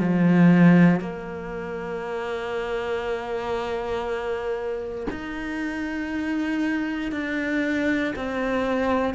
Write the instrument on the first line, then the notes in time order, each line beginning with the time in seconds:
cello
0.00 F3
1.00 A#3
5.11 D#4
7.12 D4
8.16 C4